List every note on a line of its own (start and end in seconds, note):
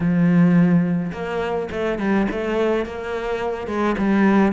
0.00 1.12 F3
1.12 1.69 A#3
1.71 1.98 A3
1.98 2.27 G3
2.31 2.85 A3
2.85 3.67 A#3
3.67 3.95 G#3
3.98 4.52 G3